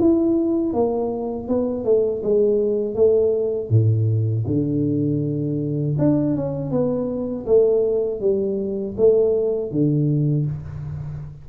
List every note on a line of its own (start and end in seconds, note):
0.00 0.74 E4
0.74 1.48 A#3
1.48 1.85 B3
1.85 2.23 A3
2.23 2.96 G#3
2.96 3.70 A3
3.70 4.45 A2
4.47 5.97 D3
5.99 6.36 D4
6.36 6.71 C#4
6.71 7.46 B3
7.47 8.21 A3
8.21 8.96 G3
8.98 9.72 A3
9.72 10.47 D3